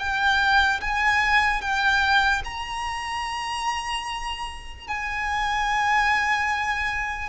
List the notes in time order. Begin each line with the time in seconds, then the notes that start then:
0.00 G5
0.81 G#5
1.62 G5
2.45 A#5
4.88 G#5